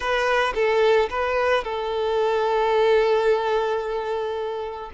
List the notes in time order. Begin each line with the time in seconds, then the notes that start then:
0.00 B4
0.54 A4
1.09 B4
1.64 A4